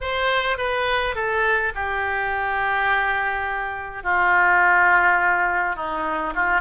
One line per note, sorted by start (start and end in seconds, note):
0.00 0.57 C5
0.57 1.15 B4
1.15 1.73 A4
1.74 4.03 G4
4.03 5.76 F4
5.76 6.33 D#4
6.35 6.61 F4